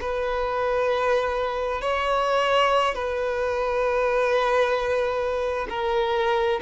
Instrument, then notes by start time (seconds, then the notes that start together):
violin
0.00 B4
1.81 C#5
2.94 B4
5.69 A#4